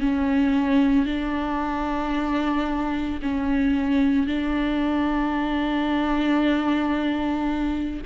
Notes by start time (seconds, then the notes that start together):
0.00 C#4
1.06 D4
3.22 C#4
4.27 D4